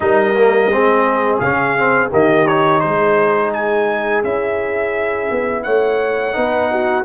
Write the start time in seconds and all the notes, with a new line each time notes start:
0.00 G3 D#4 A#4 D#5
0.35 A#3
0.68 G#3 C4 G#4
1.39 C#3 C#4 F5
1.77 C4
2.10 D#3 A#3 G4 D#5
2.47 D#4 C#5
2.80 G#3 G#4 C5
3.53 G#5
4.23 C#4 E4 E5
5.31 B3
5.63 A3 C#5 F#5
6.32 B3 D#4 B4
6.71 F#4